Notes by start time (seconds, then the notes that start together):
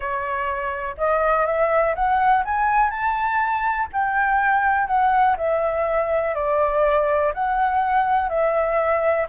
0.00 C#5
0.97 D#5
1.45 E5
1.95 F#5
2.44 G#5
2.90 A5
3.92 G5
4.87 F#5
5.37 E5
6.34 D5
7.33 F#5
8.29 E5